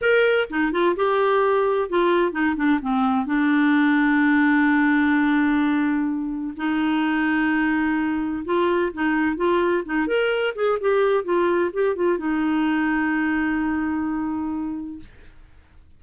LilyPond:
\new Staff \with { instrumentName = "clarinet" } { \time 4/4 \tempo 4 = 128 ais'4 dis'8 f'8 g'2 | f'4 dis'8 d'8 c'4 d'4~ | d'1~ | d'2 dis'2~ |
dis'2 f'4 dis'4 | f'4 dis'8 ais'4 gis'8 g'4 | f'4 g'8 f'8 dis'2~ | dis'1 | }